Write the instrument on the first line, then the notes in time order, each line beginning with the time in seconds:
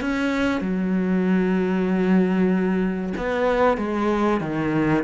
cello
0.00 C#4
0.61 F#3
3.17 B3
3.77 G#3
4.40 D#3